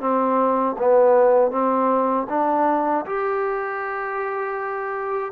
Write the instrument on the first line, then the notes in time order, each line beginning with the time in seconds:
trombone
0.00 C4
0.78 B3
1.51 C4
2.29 D4
3.06 G4